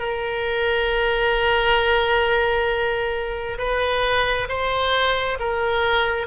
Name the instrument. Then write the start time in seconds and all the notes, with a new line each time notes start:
oboe
0.00 A#4
3.59 B4
4.49 C5
5.40 A#4